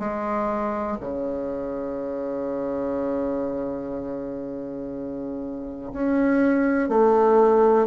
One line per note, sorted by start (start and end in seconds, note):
0.00 0.98 G#3
1.01 5.93 C#3
5.94 6.89 C#4
6.89 7.88 A3